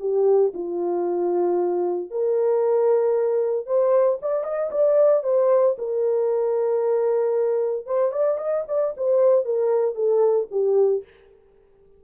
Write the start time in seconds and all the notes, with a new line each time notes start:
0.00 G4
0.54 F4
2.11 A#4
3.66 C5
4.22 D5
4.44 D#5
4.71 D5
5.23 C5
5.78 A#4
7.86 C5
8.12 D5
8.38 D#5
8.68 D5
8.97 C5
9.45 A#4
9.95 A4
10.51 G4